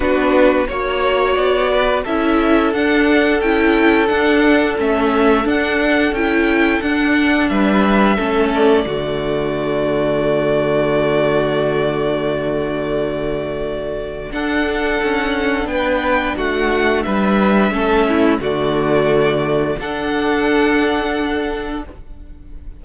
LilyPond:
<<
  \new Staff \with { instrumentName = "violin" } { \time 4/4 \tempo 4 = 88 b'4 cis''4 d''4 e''4 | fis''4 g''4 fis''4 e''4 | fis''4 g''4 fis''4 e''4~ | e''8 d''2.~ d''8~ |
d''1~ | d''4 fis''2 g''4 | fis''4 e''2 d''4~ | d''4 fis''2. | }
  \new Staff \with { instrumentName = "violin" } { \time 4/4 fis'4 cis''4. b'8 a'4~ | a'1~ | a'2. b'4 | a'4 fis'2.~ |
fis'1~ | fis'4 a'2 b'4 | fis'4 b'4 a'8 e'8 fis'4~ | fis'4 a'2. | }
  \new Staff \with { instrumentName = "viola" } { \time 4/4 d'4 fis'2 e'4 | d'4 e'4 d'4 cis'4 | d'4 e'4 d'2 | cis'4 a2.~ |
a1~ | a4 d'2.~ | d'2 cis'4 a4~ | a4 d'2. | }
  \new Staff \with { instrumentName = "cello" } { \time 4/4 b4 ais4 b4 cis'4 | d'4 cis'4 d'4 a4 | d'4 cis'4 d'4 g4 | a4 d2.~ |
d1~ | d4 d'4 cis'4 b4 | a4 g4 a4 d4~ | d4 d'2. | }
>>